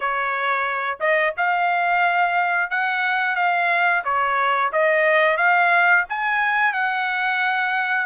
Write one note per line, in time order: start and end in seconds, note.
0.00 0.98 C#5
1.00 1.33 D#5
1.37 2.70 F5
2.70 3.35 F#5
3.35 4.03 F5
4.04 4.71 C#5
4.72 5.37 D#5
5.37 6.04 F5
6.09 6.73 G#5
6.73 8.06 F#5